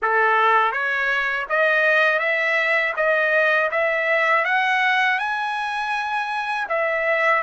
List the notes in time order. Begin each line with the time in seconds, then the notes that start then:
0.02 A4
0.72 C#5
1.49 D#5
2.19 E5
2.96 D#5
3.71 E5
4.44 F#5
5.19 G#5
6.68 E5